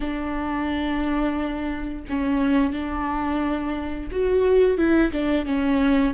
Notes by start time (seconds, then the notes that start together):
0.00 D4
2.09 C#4
2.72 D4
4.11 F#4
4.77 E4
5.11 D4
5.45 C#4